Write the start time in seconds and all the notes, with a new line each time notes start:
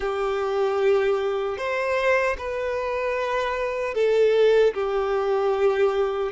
0.00 G4
1.57 C5
2.38 B4
3.94 A4
4.74 G4